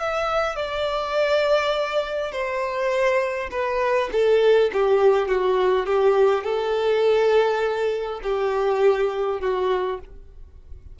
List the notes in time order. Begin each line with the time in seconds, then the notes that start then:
0.00 E5
0.56 D5
2.32 C5
3.51 B4
4.12 A4
4.73 G4
5.28 F#4
5.87 G4
6.44 A4
8.24 G4
9.41 F#4